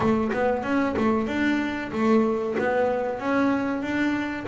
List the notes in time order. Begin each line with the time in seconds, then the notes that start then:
0.00 A3
0.32 B3
0.63 C#4
0.96 A3
1.27 D4
1.92 A3
2.58 B3
3.19 C#4
3.82 D4